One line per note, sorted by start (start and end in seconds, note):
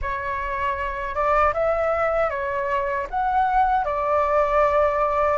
0.01 1.14 C#5
1.14 1.53 D5
1.53 2.30 E5
2.30 3.07 C#5
3.10 3.84 F#5
3.84 5.37 D5